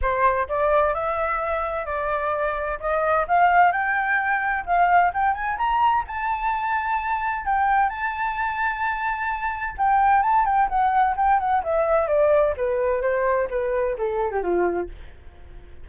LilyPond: \new Staff \with { instrumentName = "flute" } { \time 4/4 \tempo 4 = 129 c''4 d''4 e''2 | d''2 dis''4 f''4 | g''2 f''4 g''8 gis''8 | ais''4 a''2. |
g''4 a''2.~ | a''4 g''4 a''8 g''8 fis''4 | g''8 fis''8 e''4 d''4 b'4 | c''4 b'4 a'8. g'16 f'4 | }